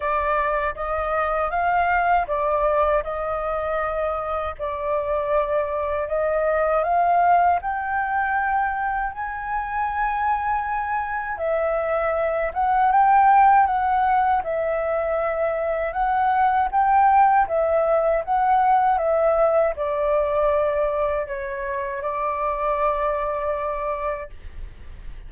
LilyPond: \new Staff \with { instrumentName = "flute" } { \time 4/4 \tempo 4 = 79 d''4 dis''4 f''4 d''4 | dis''2 d''2 | dis''4 f''4 g''2 | gis''2. e''4~ |
e''8 fis''8 g''4 fis''4 e''4~ | e''4 fis''4 g''4 e''4 | fis''4 e''4 d''2 | cis''4 d''2. | }